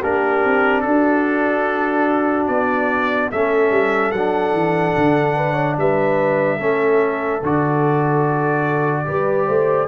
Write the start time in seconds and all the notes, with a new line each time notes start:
0.00 A#3 D4 G4 A#4
0.45 C4
0.81 D4 F#4 A4
2.47 B3 D5
3.31 A3 C#4 A4 E5
3.71 G3
4.11 F#3 D4 F#5
4.52 E3
4.97 D3
5.36 B4
5.53 C#5
5.77 G3 B4 E5
6.57 A3 C#4 A4
7.42 D3 F#4 D5
9.05 G3 G4 B4
9.46 A3 C5